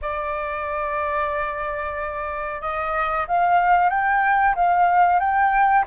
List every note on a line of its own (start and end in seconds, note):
0.01 2.61 D5
2.61 3.26 D#5
3.27 3.89 F5
3.89 4.54 G5
4.55 5.19 F5
5.19 5.85 G5